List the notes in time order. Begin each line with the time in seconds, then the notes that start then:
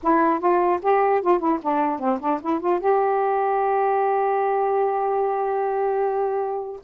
0.03 E4
0.39 F4
0.81 G4
1.21 F4
1.39 E4
1.62 D4
1.99 C4
2.19 D4
2.41 E4
2.60 F4
2.80 G4